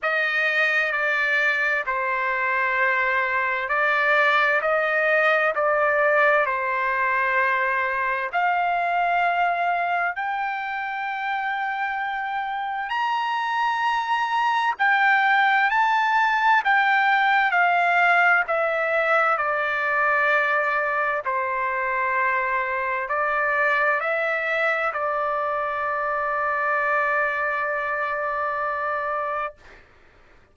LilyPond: \new Staff \with { instrumentName = "trumpet" } { \time 4/4 \tempo 4 = 65 dis''4 d''4 c''2 | d''4 dis''4 d''4 c''4~ | c''4 f''2 g''4~ | g''2 ais''2 |
g''4 a''4 g''4 f''4 | e''4 d''2 c''4~ | c''4 d''4 e''4 d''4~ | d''1 | }